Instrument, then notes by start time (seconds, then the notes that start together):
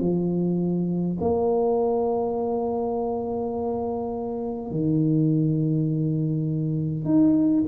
tuba
0.00 F3
1.21 A#3
4.71 D#3
7.05 D#4